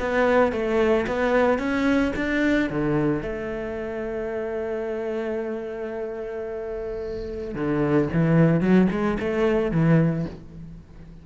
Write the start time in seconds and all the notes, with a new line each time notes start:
0.00 B3
0.53 A3
1.08 B3
1.59 C#4
2.16 D4
2.70 D3
3.23 A3
7.55 D3
8.13 E3
8.61 F#3
8.91 G#3
9.20 A3
9.72 E3